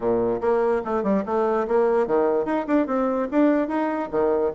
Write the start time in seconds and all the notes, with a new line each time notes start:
0.00 A#2
0.41 A#3
0.84 A3
1.03 G3
1.25 A3
1.67 A#3
2.07 D#3
2.45 D#4
2.67 D4
2.86 C4
3.31 D4
3.68 D#4
4.11 D#3